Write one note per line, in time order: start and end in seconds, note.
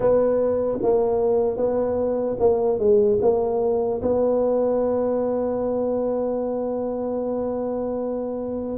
0.00 0.78 B3
0.82 1.56 A#3
1.56 2.36 B3
2.39 2.79 A#3
2.79 3.19 G#3
3.21 4.01 A#3
4.01 8.78 B3